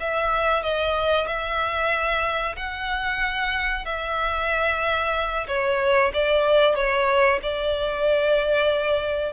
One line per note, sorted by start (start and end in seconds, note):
0.00 0.63 E5
0.63 1.27 D#5
1.27 2.56 E5
2.57 3.85 F#5
3.85 5.47 E5
5.48 6.12 C#5
6.13 6.75 D5
6.75 7.40 C#5
7.43 9.33 D5